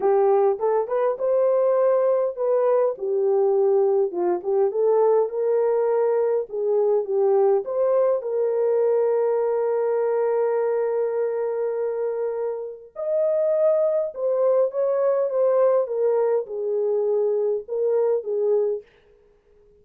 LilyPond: \new Staff \with { instrumentName = "horn" } { \time 4/4 \tempo 4 = 102 g'4 a'8 b'8 c''2 | b'4 g'2 f'8 g'8 | a'4 ais'2 gis'4 | g'4 c''4 ais'2~ |
ais'1~ | ais'2 dis''2 | c''4 cis''4 c''4 ais'4 | gis'2 ais'4 gis'4 | }